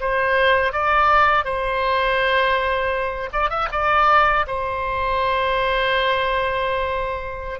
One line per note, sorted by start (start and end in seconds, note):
0.00 0.73 C5
0.73 1.44 D5
1.44 3.30 C5
3.32 3.49 D5
3.49 3.68 E5
3.71 4.45 D5
4.46 7.60 C5